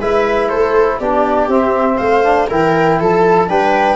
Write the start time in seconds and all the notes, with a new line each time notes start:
0.00 G#3 E4 B4 E5
0.49 A3 A4 C5
1.00 B3 D4 G4 D5
1.48 C4 E5
1.98 A3 C5 F5
2.24 D4
2.50 E3 E4 A#4 G5
3.00 F3 A4 A5
3.48 G3 D4 B4 G5